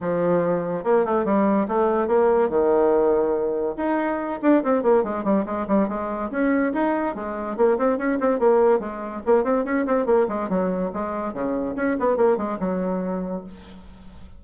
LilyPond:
\new Staff \with { instrumentName = "bassoon" } { \time 4/4 \tempo 4 = 143 f2 ais8 a8 g4 | a4 ais4 dis2~ | dis4 dis'4. d'8 c'8 ais8 | gis8 g8 gis8 g8 gis4 cis'4 |
dis'4 gis4 ais8 c'8 cis'8 c'8 | ais4 gis4 ais8 c'8 cis'8 c'8 | ais8 gis8 fis4 gis4 cis4 | cis'8 b8 ais8 gis8 fis2 | }